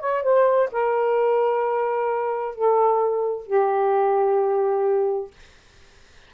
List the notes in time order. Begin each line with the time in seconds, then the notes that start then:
0.00 C#5
0.23 C5
0.72 A#4
2.55 A4
3.47 G4